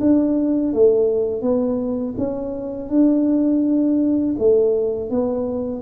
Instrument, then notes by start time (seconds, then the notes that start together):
tuba
0.00 D4
0.73 A3
1.42 B3
2.18 C#4
2.89 D4
4.38 A3
5.10 B3